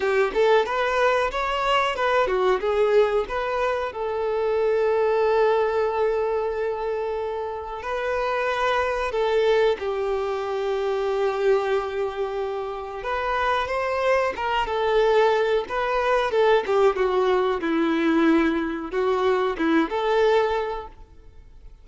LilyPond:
\new Staff \with { instrumentName = "violin" } { \time 4/4 \tempo 4 = 92 g'8 a'8 b'4 cis''4 b'8 fis'8 | gis'4 b'4 a'2~ | a'1 | b'2 a'4 g'4~ |
g'1 | b'4 c''4 ais'8 a'4. | b'4 a'8 g'8 fis'4 e'4~ | e'4 fis'4 e'8 a'4. | }